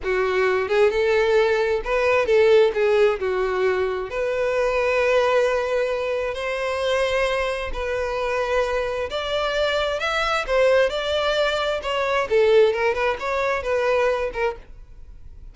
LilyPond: \new Staff \with { instrumentName = "violin" } { \time 4/4 \tempo 4 = 132 fis'4. gis'8 a'2 | b'4 a'4 gis'4 fis'4~ | fis'4 b'2.~ | b'2 c''2~ |
c''4 b'2. | d''2 e''4 c''4 | d''2 cis''4 a'4 | ais'8 b'8 cis''4 b'4. ais'8 | }